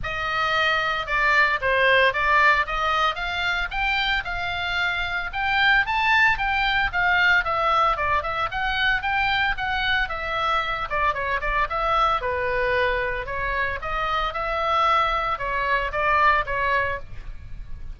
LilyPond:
\new Staff \with { instrumentName = "oboe" } { \time 4/4 \tempo 4 = 113 dis''2 d''4 c''4 | d''4 dis''4 f''4 g''4 | f''2 g''4 a''4 | g''4 f''4 e''4 d''8 e''8 |
fis''4 g''4 fis''4 e''4~ | e''8 d''8 cis''8 d''8 e''4 b'4~ | b'4 cis''4 dis''4 e''4~ | e''4 cis''4 d''4 cis''4 | }